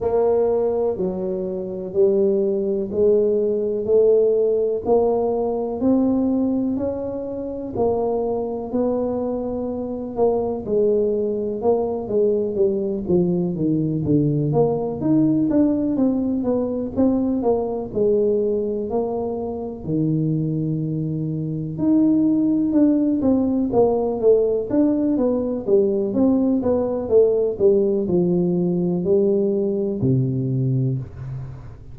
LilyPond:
\new Staff \with { instrumentName = "tuba" } { \time 4/4 \tempo 4 = 62 ais4 fis4 g4 gis4 | a4 ais4 c'4 cis'4 | ais4 b4. ais8 gis4 | ais8 gis8 g8 f8 dis8 d8 ais8 dis'8 |
d'8 c'8 b8 c'8 ais8 gis4 ais8~ | ais8 dis2 dis'4 d'8 | c'8 ais8 a8 d'8 b8 g8 c'8 b8 | a8 g8 f4 g4 c4 | }